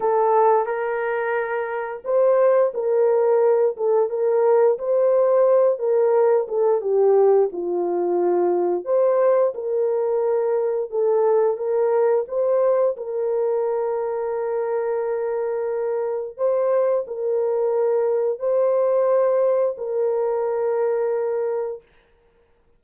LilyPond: \new Staff \with { instrumentName = "horn" } { \time 4/4 \tempo 4 = 88 a'4 ais'2 c''4 | ais'4. a'8 ais'4 c''4~ | c''8 ais'4 a'8 g'4 f'4~ | f'4 c''4 ais'2 |
a'4 ais'4 c''4 ais'4~ | ais'1 | c''4 ais'2 c''4~ | c''4 ais'2. | }